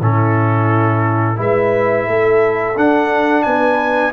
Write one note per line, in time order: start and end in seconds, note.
0.00 1.39 A2
0.00 1.36 C#4
0.00 1.38 E4
0.00 1.40 A4
1.36 2.07 G#3
1.36 2.74 E4
1.36 2.06 B4
1.36 2.78 E5
2.06 2.76 A3
2.06 3.44 A4
2.76 3.45 D4
2.76 4.13 D4
2.76 3.43 F#5
3.43 4.13 B3
3.43 4.13 B4
3.43 4.12 G#5